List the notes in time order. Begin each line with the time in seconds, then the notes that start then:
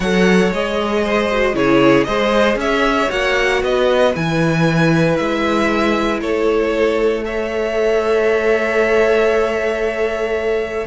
0.00 F#3 A4 C#5 F#5
0.52 G#3 G#4 D#5
1.03 C5
1.31 F#4
1.53 C#3 E4 G#4 C#5
2.03 G#3 G#4 C5 D#5
2.55 C#4 C#5 E5
3.08 A#3 F#4 F#5
3.62 B3 B4 D#5
4.14 E3 E4 G#5
5.16 G#3 E5
6.20 A3 A4 C#5
7.23 A4 C#5 E5